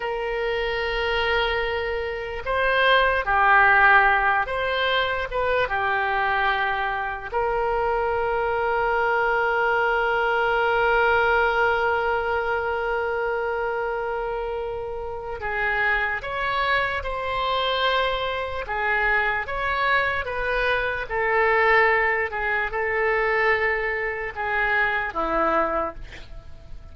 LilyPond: \new Staff \with { instrumentName = "oboe" } { \time 4/4 \tempo 4 = 74 ais'2. c''4 | g'4. c''4 b'8 g'4~ | g'4 ais'2.~ | ais'1~ |
ais'2. gis'4 | cis''4 c''2 gis'4 | cis''4 b'4 a'4. gis'8 | a'2 gis'4 e'4 | }